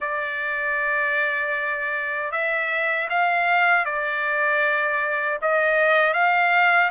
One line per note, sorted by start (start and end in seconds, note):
0.00 2.31 D5
2.31 3.08 E5
3.09 3.85 F5
3.85 5.39 D5
5.41 6.13 D#5
6.13 6.90 F5